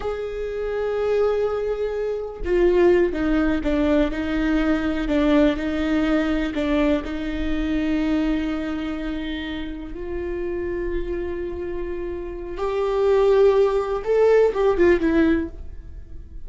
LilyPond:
\new Staff \with { instrumentName = "viola" } { \time 4/4 \tempo 4 = 124 gis'1~ | gis'4 f'4. dis'4 d'8~ | d'8 dis'2 d'4 dis'8~ | dis'4. d'4 dis'4.~ |
dis'1~ | dis'8 f'2.~ f'8~ | f'2 g'2~ | g'4 a'4 g'8 f'8 e'4 | }